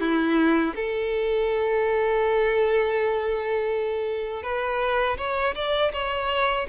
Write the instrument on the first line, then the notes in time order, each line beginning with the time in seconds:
violin
0.00 E4
0.75 A4
4.43 B4
5.17 C#5
5.55 D5
5.93 C#5